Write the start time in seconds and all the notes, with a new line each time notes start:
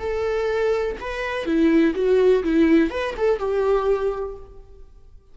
0.00 A4
1.01 B4
1.46 E4
1.95 F#4
2.44 E4
2.91 B4
3.17 A4
3.39 G4